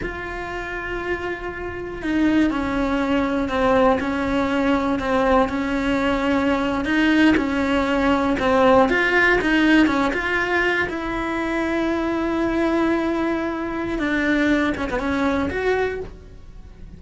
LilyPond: \new Staff \with { instrumentName = "cello" } { \time 4/4 \tempo 4 = 120 f'1 | dis'4 cis'2 c'4 | cis'2 c'4 cis'4~ | cis'4.~ cis'16 dis'4 cis'4~ cis'16~ |
cis'8. c'4 f'4 dis'4 cis'16~ | cis'16 f'4. e'2~ e'16~ | e'1 | d'4. cis'16 b16 cis'4 fis'4 | }